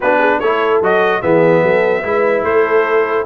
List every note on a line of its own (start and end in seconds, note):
0.00 0.41 B3
0.00 0.42 D4
0.00 0.18 F#4
0.00 0.39 B4
0.18 0.38 G#4
0.39 0.81 A3
0.39 0.83 E4
0.39 1.22 A4
0.39 0.80 C#5
0.81 1.22 F#3
0.81 1.22 F#4
0.81 1.22 D#5
1.22 1.62 E3
1.22 2.03 B3
1.22 1.62 G#4
1.22 2.44 E5
1.62 2.03 F#3
1.62 2.03 A4
2.03 2.43 G#3
2.03 3.26 E4
2.03 2.45 B4
2.43 3.24 A3
2.43 3.26 A4
2.43 3.26 C5